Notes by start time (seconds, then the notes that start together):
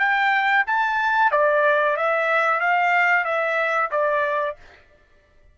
0.00 G5
0.67 A5
1.32 D5
1.97 E5
2.61 F5
3.25 E5
3.92 D5